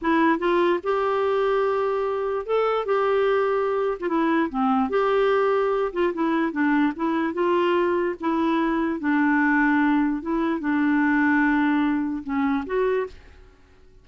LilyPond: \new Staff \with { instrumentName = "clarinet" } { \time 4/4 \tempo 4 = 147 e'4 f'4 g'2~ | g'2 a'4 g'4~ | g'4.~ g'16 f'16 e'4 c'4 | g'2~ g'8 f'8 e'4 |
d'4 e'4 f'2 | e'2 d'2~ | d'4 e'4 d'2~ | d'2 cis'4 fis'4 | }